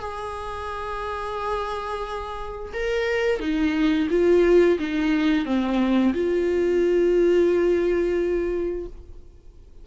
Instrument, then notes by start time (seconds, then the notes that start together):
viola
0.00 G#4
2.74 A#4
3.40 D#4
4.10 F4
4.79 D#4
5.45 C4
6.14 F4